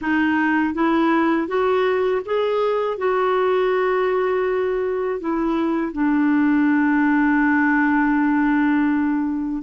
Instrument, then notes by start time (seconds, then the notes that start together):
clarinet
0.01 D#4
0.74 E4
1.47 F#4
2.25 G#4
2.97 F#4
5.20 E4
5.92 D4